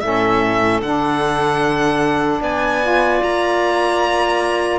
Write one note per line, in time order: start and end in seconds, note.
0.00 0.81 A2
0.00 0.82 C#4
0.00 2.41 A4
0.00 0.80 E5
0.81 2.40 D3
0.81 2.81 D4
0.81 2.42 F#5
2.40 3.20 B3
2.40 4.79 D5
2.40 3.23 G#5
2.81 4.79 F4
3.23 4.79 A#3
3.23 4.79 A#5